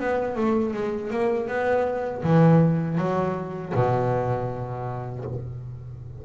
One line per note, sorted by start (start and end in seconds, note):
0.00 0.36 B3
0.36 0.74 A3
0.74 1.11 G#3
1.11 1.48 A#3
1.48 2.23 B3
2.23 2.98 E3
2.98 3.73 F#3
3.75 5.25 B2